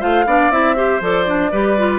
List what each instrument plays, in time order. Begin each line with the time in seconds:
0.00 bassoon A3, clarinet F4, oboe C5, flute F5
0.26 bassoon B3, clarinet D4, oboe D5
0.50 bassoon C4, clarinet E4, flute E5
0.76 clarinet G4, oboe C5
1.01 bassoon F3, clarinet A4, flute D5
1.26 clarinet D4
1.51 bassoon G3, clarinet G4, oboe B4
1.78 clarinet F4